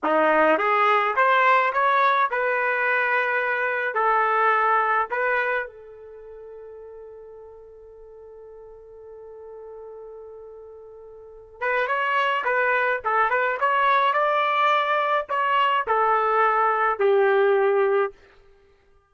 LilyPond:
\new Staff \with { instrumentName = "trumpet" } { \time 4/4 \tempo 4 = 106 dis'4 gis'4 c''4 cis''4 | b'2. a'4~ | a'4 b'4 a'2~ | a'1~ |
a'1~ | a'8 b'8 cis''4 b'4 a'8 b'8 | cis''4 d''2 cis''4 | a'2 g'2 | }